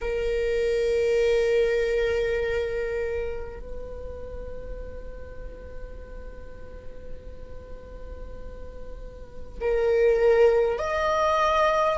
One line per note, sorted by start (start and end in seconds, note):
0.01 3.59 A#4
3.59 9.59 B4
9.61 10.78 A#4
10.78 11.98 D#5